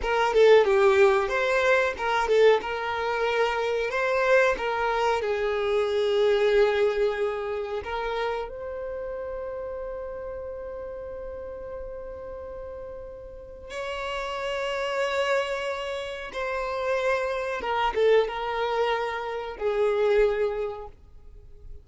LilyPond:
\new Staff \with { instrumentName = "violin" } { \time 4/4 \tempo 4 = 92 ais'8 a'8 g'4 c''4 ais'8 a'8 | ais'2 c''4 ais'4 | gis'1 | ais'4 c''2.~ |
c''1~ | c''4 cis''2.~ | cis''4 c''2 ais'8 a'8 | ais'2 gis'2 | }